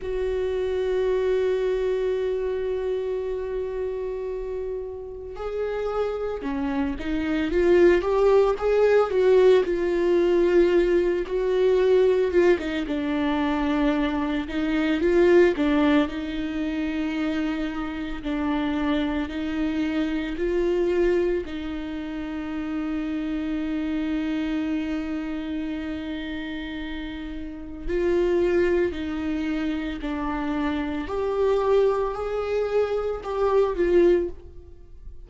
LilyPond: \new Staff \with { instrumentName = "viola" } { \time 4/4 \tempo 4 = 56 fis'1~ | fis'4 gis'4 cis'8 dis'8 f'8 g'8 | gis'8 fis'8 f'4. fis'4 f'16 dis'16 | d'4. dis'8 f'8 d'8 dis'4~ |
dis'4 d'4 dis'4 f'4 | dis'1~ | dis'2 f'4 dis'4 | d'4 g'4 gis'4 g'8 f'8 | }